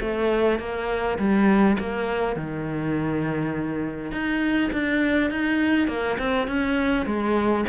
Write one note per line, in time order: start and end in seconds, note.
0.00 0.59 A3
0.59 1.18 A#3
1.18 1.77 G3
1.79 2.36 A#3
2.36 4.11 D#3
4.11 4.70 D#4
4.72 5.30 D4
5.30 5.87 D#4
5.87 6.17 A#3
6.18 6.47 C4
6.47 7.06 C#4
7.06 7.65 G#3